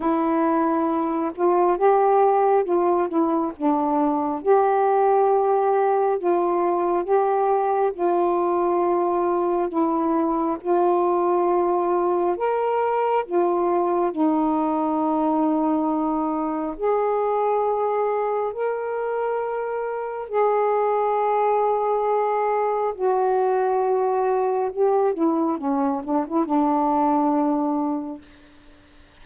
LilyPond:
\new Staff \with { instrumentName = "saxophone" } { \time 4/4 \tempo 4 = 68 e'4. f'8 g'4 f'8 e'8 | d'4 g'2 f'4 | g'4 f'2 e'4 | f'2 ais'4 f'4 |
dis'2. gis'4~ | gis'4 ais'2 gis'4~ | gis'2 fis'2 | g'8 e'8 cis'8 d'16 e'16 d'2 | }